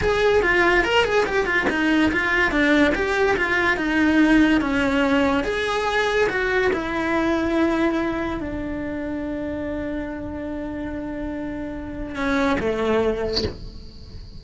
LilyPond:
\new Staff \with { instrumentName = "cello" } { \time 4/4 \tempo 4 = 143 gis'4 f'4 ais'8 gis'8 g'8 f'8 | dis'4 f'4 d'4 g'4 | f'4 dis'2 cis'4~ | cis'4 gis'2 fis'4 |
e'1 | d'1~ | d'1~ | d'4 cis'4 a2 | }